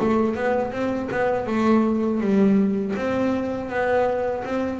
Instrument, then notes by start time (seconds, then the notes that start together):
double bass
0.00 A3
0.35 B3
0.72 C4
1.11 B3
1.46 A3
2.21 G3
2.96 C4
3.69 B3
4.44 C4